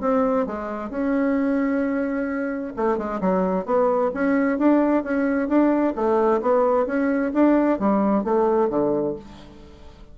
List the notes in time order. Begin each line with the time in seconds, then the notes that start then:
0.00 C4
0.46 G#3
0.89 C#4
2.76 A3
2.97 G#3
3.20 F#3
3.65 B3
4.13 C#4
4.58 D4
5.03 C#4
5.48 D4
5.95 A3
6.41 B3
6.86 C#4
7.33 D4
7.79 G3
8.23 A3
8.69 D3